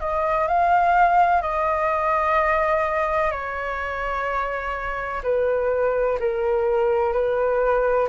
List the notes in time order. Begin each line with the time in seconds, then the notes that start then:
0.00 D#5
0.48 F5
1.42 D#5
3.31 C#5
5.23 B4
6.19 A#4
7.13 B4